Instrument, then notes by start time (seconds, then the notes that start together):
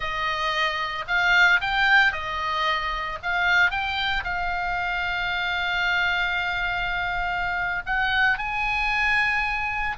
oboe
0.00 D#5
1.07 F5
1.60 G5
2.12 D#5
3.22 F5
3.70 G5
4.24 F5
7.86 F#5
8.37 G#5